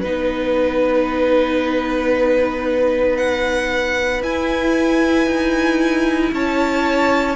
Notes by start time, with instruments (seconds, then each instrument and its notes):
0.00 cello B3, viola D#4, violin B4
3.17 violin F#5
4.23 cello E4, viola E4, violin G#5
5.27 cello D#4
6.33 cello C#4, violin C#5 A5